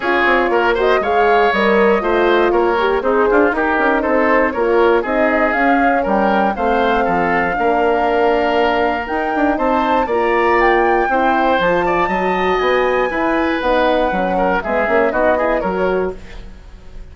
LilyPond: <<
  \new Staff \with { instrumentName = "flute" } { \time 4/4 \tempo 4 = 119 cis''4. dis''8 f''4 dis''4~ | dis''4 cis''4 c''4 ais'4 | c''4 cis''4 dis''4 f''4 | g''4 f''2.~ |
f''2 g''4 a''4 | ais''4 g''2 a''4~ | a''4 gis''2 fis''4~ | fis''4 e''4 dis''4 cis''4 | }
  \new Staff \with { instrumentName = "oboe" } { \time 4/4 gis'4 ais'8 c''8 cis''2 | c''4 ais'4 dis'8 f'8 g'4 | a'4 ais'4 gis'2 | ais'4 c''4 a'4 ais'4~ |
ais'2. c''4 | d''2 c''4. d''8 | dis''2 b'2~ | b'8 ais'8 gis'4 fis'8 gis'8 ais'4 | }
  \new Staff \with { instrumentName = "horn" } { \time 4/4 f'4. fis'8 gis'4 ais'4 | f'4. g'8 gis'4 dis'4~ | dis'4 f'4 dis'4 cis'4~ | cis'4 c'2 d'4~ |
d'2 dis'2 | f'2 e'4 f'4 | fis'2 e'4 dis'4 | cis'4 b8 cis'8 dis'8 e'8 fis'4 | }
  \new Staff \with { instrumentName = "bassoon" } { \time 4/4 cis'8 c'8 ais4 gis4 g4 | a4 ais4 c'8 d'8 dis'8 cis'8 | c'4 ais4 c'4 cis'4 | g4 a4 f4 ais4~ |
ais2 dis'8 d'8 c'4 | ais2 c'4 f4 | fis4 b4 e'4 b4 | fis4 gis8 ais8 b4 fis4 | }
>>